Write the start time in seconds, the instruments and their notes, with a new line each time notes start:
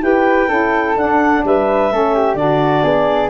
0.00 tuba E4, saxophone G4, flute B4, clarinet G5
0.48 tuba C#4, saxophone E4, flute A4
0.96 tuba D4, saxophone D4, clarinet F#5
1.44 tuba G3, flute B4, clarinet E5
1.90 tuba A3, saxophone C#4, flute A4
2.14 flute G4
2.35 tuba D3, saxophone D4, flute F#4, clarinet D5
2.83 tuba B3, flute G#4